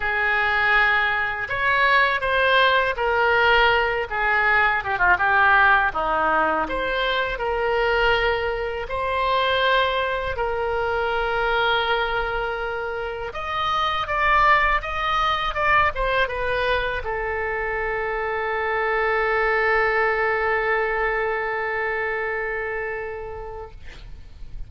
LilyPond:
\new Staff \with { instrumentName = "oboe" } { \time 4/4 \tempo 4 = 81 gis'2 cis''4 c''4 | ais'4. gis'4 g'16 f'16 g'4 | dis'4 c''4 ais'2 | c''2 ais'2~ |
ais'2 dis''4 d''4 | dis''4 d''8 c''8 b'4 a'4~ | a'1~ | a'1 | }